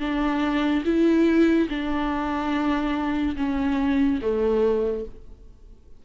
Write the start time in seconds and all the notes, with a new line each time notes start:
0.00 D4
0.85 E4
1.69 D4
3.36 C#4
4.22 A3